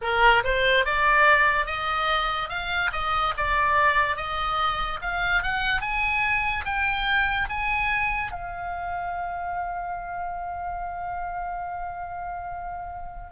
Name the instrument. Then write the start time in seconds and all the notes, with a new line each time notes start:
oboe
0.01 A#4
0.44 C5
0.85 D5
1.66 D#5
2.48 F5
2.92 D#5
3.37 D5
4.16 D#5
5.02 F5
5.42 F#5
5.81 G#5
6.65 G5
7.48 G#5
8.31 F5